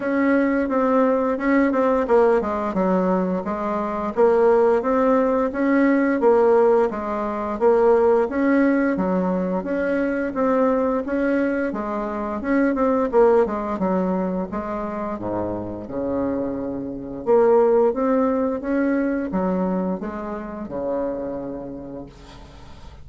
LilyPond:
\new Staff \with { instrumentName = "bassoon" } { \time 4/4 \tempo 4 = 87 cis'4 c'4 cis'8 c'8 ais8 gis8 | fis4 gis4 ais4 c'4 | cis'4 ais4 gis4 ais4 | cis'4 fis4 cis'4 c'4 |
cis'4 gis4 cis'8 c'8 ais8 gis8 | fis4 gis4 gis,4 cis4~ | cis4 ais4 c'4 cis'4 | fis4 gis4 cis2 | }